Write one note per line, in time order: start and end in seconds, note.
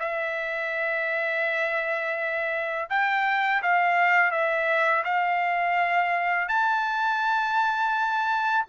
0.00 2.89 E5
2.90 3.62 G5
3.63 4.32 F5
4.32 5.04 E5
5.05 6.49 F5
6.49 8.65 A5